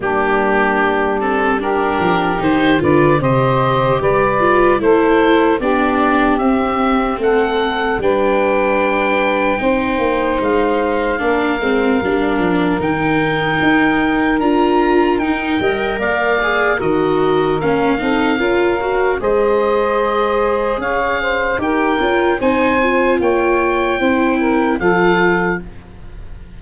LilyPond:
<<
  \new Staff \with { instrumentName = "oboe" } { \time 4/4 \tempo 4 = 75 g'4. a'8 ais'4 c''8 d''8 | dis''4 d''4 c''4 d''4 | e''4 fis''4 g''2~ | g''4 f''2. |
g''2 ais''4 g''4 | f''4 dis''4 f''2 | dis''2 f''4 g''4 | gis''4 g''2 f''4 | }
  \new Staff \with { instrumentName = "saxophone" } { \time 4/4 d'2 g'4. b'8 | c''4 b'4 a'4 g'4~ | g'4 a'4 b'2 | c''2 ais'2~ |
ais'2.~ ais'8 dis''8 | d''4 ais'4. a'8 ais'4 | c''2 cis''8 c''8 ais'4 | c''4 cis''4 c''8 ais'8 a'4 | }
  \new Staff \with { instrumentName = "viola" } { \time 4/4 ais4. c'8 d'4 dis'8 f'8 | g'4. f'8 e'4 d'4 | c'2 d'2 | dis'2 d'8 c'8 d'4 |
dis'2 f'4 dis'8 ais'8~ | ais'8 gis'8 fis'4 cis'8 dis'8 f'8 fis'8 | gis'2. g'8 f'8 | dis'8 f'4. e'4 f'4 | }
  \new Staff \with { instrumentName = "tuba" } { \time 4/4 g2~ g8 f8 dis8 d8 | c4 g4 a4 b4 | c'4 a4 g2 | c'8 ais8 gis4 ais8 gis8 g8 f8 |
dis4 dis'4 d'4 dis'8 g8 | ais4 dis4 ais8 c'8 cis'4 | gis2 cis'4 dis'8 cis'8 | c'4 ais4 c'4 f4 | }
>>